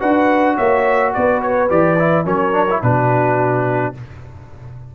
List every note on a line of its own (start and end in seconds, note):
0.00 0.58 D4
0.00 1.68 F#4
0.00 0.56 B4
0.00 0.57 F#5
0.56 1.15 A#3
0.56 1.12 C#5
0.56 1.13 E5
1.13 1.70 B3
1.13 2.25 B4
1.13 1.41 D5
1.42 1.70 C#5
1.69 2.26 E3
1.69 1.97 G4
1.69 2.26 D5
1.99 2.25 E4
2.25 2.82 F#3
2.25 2.52 C#4
2.25 2.82 A#4
2.25 2.83 C#5
2.52 2.66 D4
2.70 2.83 E4
2.82 3.95 B2
2.82 3.95 D4
2.82 3.94 F#4
2.82 3.95 B4